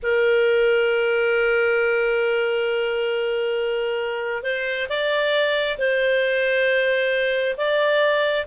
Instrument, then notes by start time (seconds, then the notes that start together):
clarinet
0.02 A#4
4.43 C5
4.89 D5
5.78 C5
7.57 D5